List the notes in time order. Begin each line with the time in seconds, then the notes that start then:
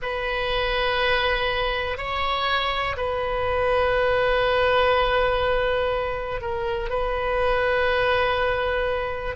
0.01 B4
1.97 C#5
2.96 B4
6.41 A#4
6.89 B4